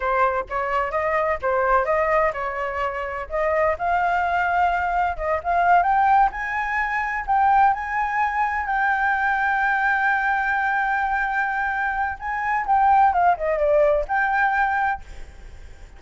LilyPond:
\new Staff \with { instrumentName = "flute" } { \time 4/4 \tempo 4 = 128 c''4 cis''4 dis''4 c''4 | dis''4 cis''2 dis''4 | f''2. dis''8 f''8~ | f''8 g''4 gis''2 g''8~ |
g''8 gis''2 g''4.~ | g''1~ | g''2 gis''4 g''4 | f''8 dis''8 d''4 g''2 | }